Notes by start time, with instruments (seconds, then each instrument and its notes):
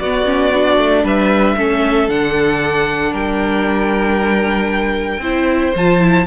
0.00 cello B3, viola B3, violin F#4 D5
0.26 viola C#4
0.53 viola D4
0.78 cello A3
1.04 cello G3, violin B4 E5
1.57 cello A3, viola C#4, violin A4
2.09 cello D3, viola D4, violin F#5
3.12 cello G3, violin A#4 G5
5.19 cello C4, viola E4, violin C5
5.76 cello F3, viola F4, violin A5
6.00 viola E4